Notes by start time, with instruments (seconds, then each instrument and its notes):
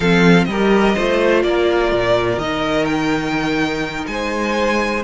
0.00 cello F3, viola C4, violin A4 F5
0.44 cello G3, violin A#4 D#5
0.52 viola G4
0.95 cello A3, viola F4, violin C5
1.42 cello A#3, violin A#4 D5
1.92 cello A#2
2.37 cello D#3, viola D#4, violin D#5
2.85 violin G5
4.07 cello G#3, violin C5 G#5